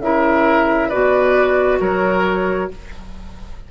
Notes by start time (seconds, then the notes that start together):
0.00 C#3 E4 A#4 E5
0.89 B2 F#4 B4 D5
1.80 F#3 A#4 C#5